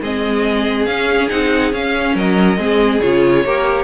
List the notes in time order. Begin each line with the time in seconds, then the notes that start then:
0.00 G#3 C4 G#4 D#5
0.86 C#4 F5
1.29 C4 D#4 F#5
1.72 C#4 F5
2.15 F#3 A#4 D#5
2.57 G#3 C4 G#4
3.01 C#3 F4 C#5
3.45 A#3 G4 A#4